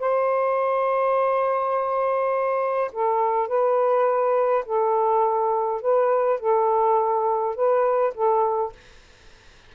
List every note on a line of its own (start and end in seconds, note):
0.00 2.91 C5
2.93 3.48 A4
3.48 4.65 B4
4.66 5.82 A4
5.82 6.40 B4
6.40 7.56 A4
7.56 8.14 B4
8.14 8.73 A4